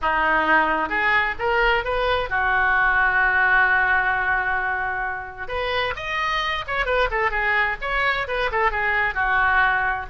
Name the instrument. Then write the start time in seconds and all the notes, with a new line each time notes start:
oboe
0.01 D#4
0.89 G#4
1.39 A#4
1.84 B4
2.29 F#4
5.48 B4
5.96 D#5
6.67 C#5
6.85 B4
7.11 A4
7.30 G#4
7.81 C#5
8.27 B4
8.51 A4
8.71 G#4
9.14 F#4